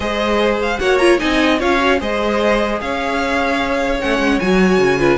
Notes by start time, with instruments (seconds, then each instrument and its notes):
0.00 cello G#3, viola G#4, violin C5 D#5
0.62 violin F5
0.79 cello A#3, viola F#4, violin C#5 F#5
0.98 viola F4, violin A#5
1.18 cello C4, viola D#4, violin D#5 G#5
1.59 cello C#4, viola F4, violin C#5 F5
1.79 viola F#4
2.00 cello G#3, viola G#4, violin C5 D#5
2.81 cello C#4, violin C#5 F5
4.00 cello A3, viola C#4, violin F#5
4.18 cello G#3
4.39 cello F#3, viola F#4, violin G#5
4.77 cello C#3
4.98 viola F4, violin B4